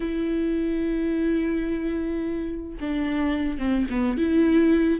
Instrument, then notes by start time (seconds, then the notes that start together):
viola
0.00 E4
2.80 D4
3.58 C4
3.90 B3
4.17 E4